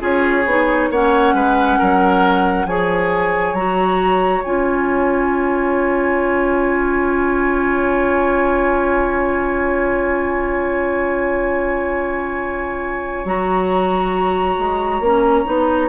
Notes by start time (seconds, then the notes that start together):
0.00 C#4 F4 G#4 C#5
0.46 B3 D#4
0.90 A#3 C#4 C#5 F#5
1.34 G#3 B4
1.79 F#3 A#4
2.66 F3 G#4 C#5 G#5
3.54 F#3 F#4 A#5
4.44 C#4 F4 G#5
13.25 F#3 F#4 A#5
14.59 G#3
15.01 A#3 C#4
15.46 B3 D#4